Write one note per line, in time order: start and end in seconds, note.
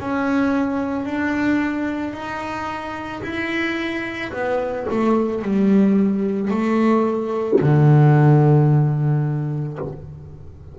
0.00 1.06 C#4
1.06 2.14 D4
2.14 3.23 D#4
3.23 4.32 E4
4.33 4.87 B3
4.91 5.42 A3
5.42 6.51 G3
6.51 7.60 A3
7.61 9.79 D3